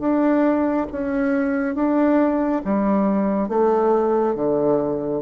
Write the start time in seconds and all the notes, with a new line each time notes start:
0.00 D4
0.92 C#4
1.75 D4
2.65 G3
3.49 A3
4.36 D3